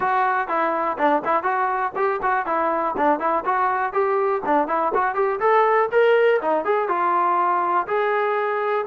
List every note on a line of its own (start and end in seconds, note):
0.00 0.48 F#4
0.48 0.97 E4
0.97 1.22 D4
1.25 1.43 E4
1.43 1.92 F#4
1.95 2.20 G4
2.22 2.45 F#4
2.45 2.95 E4
2.97 3.19 D4
3.19 3.44 E4
3.45 3.93 F#4
3.93 4.42 G4
4.45 4.67 D4
4.67 4.92 E4
4.94 5.14 F#4
5.14 5.39 G4
5.39 5.89 A4
5.92 6.41 A#4
6.41 6.64 D#4
6.64 6.88 G#4
6.88 7.86 F4
7.87 8.85 G#4